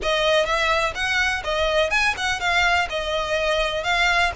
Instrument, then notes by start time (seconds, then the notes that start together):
violin
0.02 D#5
0.45 E5
0.94 F#5
1.44 D#5
1.90 G#5
2.17 F#5
2.40 F5
2.89 D#5
3.83 F5